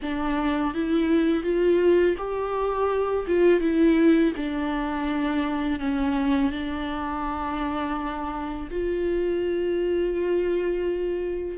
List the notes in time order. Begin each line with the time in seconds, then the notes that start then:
0.02 D4
0.74 E4
1.43 F4
2.17 G4
3.27 F4
3.60 E4
4.36 D4
5.79 C#4
6.51 D4
8.70 F4